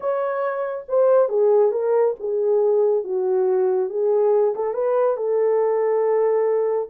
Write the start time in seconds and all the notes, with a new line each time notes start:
0.00 C#5
0.88 C5
1.28 G#4
1.71 A#4
2.19 G#4
3.04 F#4
3.89 G#4
4.55 A4
4.73 B4
5.16 A4